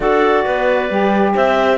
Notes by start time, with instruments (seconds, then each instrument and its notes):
0.00 cello D4, saxophone F#4, clarinet A4 D5
0.43 cello B3, clarinet B4
0.89 cello G3, saxophone G4
1.34 cello C4, clarinet C5 E5